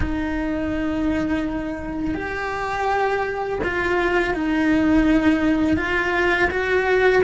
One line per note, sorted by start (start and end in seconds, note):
0.00 2.14 D#4
2.14 3.59 G4
3.63 4.34 F4
4.34 5.76 D#4
5.76 6.49 F4
6.50 7.23 F#4